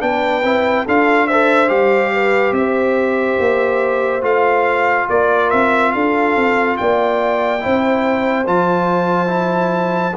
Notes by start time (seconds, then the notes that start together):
0.00 B3 D4 B4 G5
0.44 C4 E4
0.85 D4 F4 A4 F5
1.27 A4 C5 E5
1.68 G3 G4 F5
2.13 B4
2.52 C4 C5 E5
3.39 A#3
4.22 A3 F4 F5
5.10 A#3 A#4 D5
5.50 C4 E5
5.92 D4 A4 F5
6.36 C4
6.77 A#3 D5 G5
7.61 C4 E4 C5
8.47 F3 F4 A5
9.27 E4